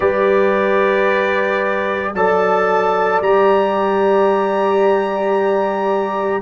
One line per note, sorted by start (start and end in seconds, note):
0.00 2.13 G3
0.00 2.14 G4
0.00 2.11 B4
0.00 2.12 D5
2.13 3.19 F#3
2.13 3.23 A4
2.13 6.41 D5
2.13 3.21 A5
3.19 6.41 G3
3.19 6.41 G4
3.19 6.41 A#5